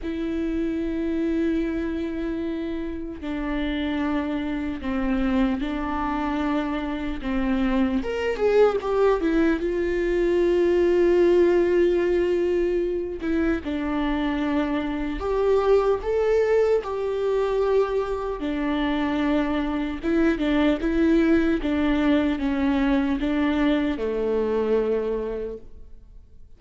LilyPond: \new Staff \with { instrumentName = "viola" } { \time 4/4 \tempo 4 = 75 e'1 | d'2 c'4 d'4~ | d'4 c'4 ais'8 gis'8 g'8 e'8 | f'1~ |
f'8 e'8 d'2 g'4 | a'4 g'2 d'4~ | d'4 e'8 d'8 e'4 d'4 | cis'4 d'4 a2 | }